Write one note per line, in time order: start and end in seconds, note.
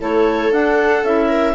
0.00 0.52 A3
0.00 0.52 E4
0.00 1.29 A4
0.00 0.53 C#5
0.52 1.04 D4
0.52 1.06 D4
0.52 1.05 F#5
1.04 1.56 C#4
1.04 1.56 E4
1.04 1.56 E5
1.29 1.55 A#4